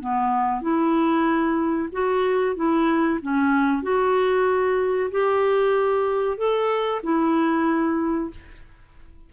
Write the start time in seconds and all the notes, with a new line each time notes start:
0.00 B3
0.61 E4
1.92 F#4
2.56 E4
3.22 C#4
3.82 F#4
5.11 G4
6.37 A4
7.03 E4